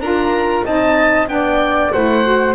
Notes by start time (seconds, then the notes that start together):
0.00 D4 F4 A#4 A#5
0.65 C4 D#4 D#5 A5
1.27 B3 D4 D5 G5
1.92 A3 E4 C5 F#5
2.26 F#4